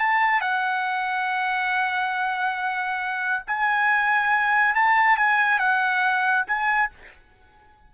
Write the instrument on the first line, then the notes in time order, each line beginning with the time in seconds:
trumpet
0.00 A5
0.42 F#5
3.48 G#5
4.76 A5
5.18 G#5
5.60 F#5
6.48 G#5